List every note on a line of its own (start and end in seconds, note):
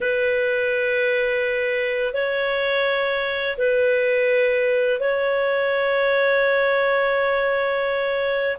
0.01 2.13 B4
2.13 3.56 C#5
3.57 4.99 B4
4.99 8.56 C#5